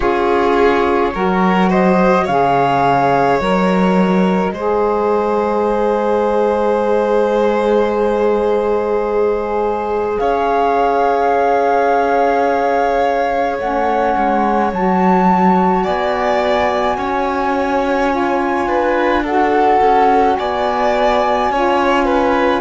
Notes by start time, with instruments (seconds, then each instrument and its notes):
0.00 cello C#4, saxophone F4, violin G#4, flute C#5
1.13 cello F#3, saxophone F#4, violin A#4
1.69 violin C5, flute D#5
2.24 cello C#3, saxophone G#4, violin C#5, flute F5
3.38 cello F#3, saxophone A#4, flute D#5
4.51 cello G#3, saxophone G#4, violin C5
10.18 cello C#4, violin C#5, flute F5
13.58 cello A3, saxophone C#4, flute F#5
14.16 cello G#3
14.72 cello F#3, saxophone F#4, flute A5
15.83 cello B3, violin D5, flute G#5
16.96 cello C#4, violin C#5
18.10 saxophone F4
18.66 cello D4, violin B4
19.23 saxophone F#4, violin A4, flute F#5
19.81 cello C#4
20.36 cello B3, violin D5, flute G#5
21.50 cello C#4, saxophone F4, violin C#5
22.04 violin B4